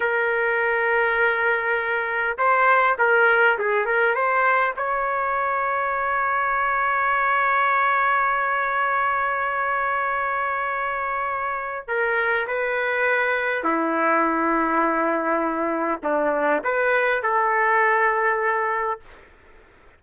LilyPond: \new Staff \with { instrumentName = "trumpet" } { \time 4/4 \tempo 4 = 101 ais'1 | c''4 ais'4 gis'8 ais'8 c''4 | cis''1~ | cis''1~ |
cis''1 | ais'4 b'2 e'4~ | e'2. d'4 | b'4 a'2. | }